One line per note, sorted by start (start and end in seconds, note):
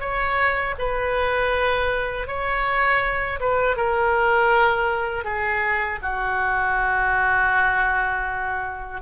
0.00 0.75 C#5
0.79 2.27 B4
2.27 3.40 C#5
3.40 3.77 B4
3.77 5.25 A#4
5.25 6.00 G#4
6.02 9.02 F#4